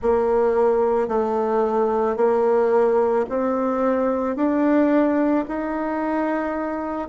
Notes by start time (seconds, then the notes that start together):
0.01 A#3
1.08 A3
2.16 A#3
3.29 C4
4.35 D4
5.48 D#4